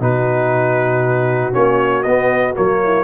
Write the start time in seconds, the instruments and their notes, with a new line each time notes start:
0.00 tuba B2, trombone D#4, horn F#4, trumpet B4
1.52 tuba A#3, trombone C#4, trumpet C#5
2.03 tuba B3, trombone B3, trumpet D#5
2.55 tuba F#3, trombone A#3, trumpet C#5
2.83 horn E4